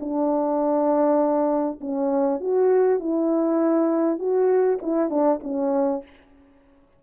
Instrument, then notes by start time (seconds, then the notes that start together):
horn
0.00 D4
1.81 C#4
2.40 F#4
2.99 E4
4.19 F#4
4.82 E4
5.10 D4
5.43 C#4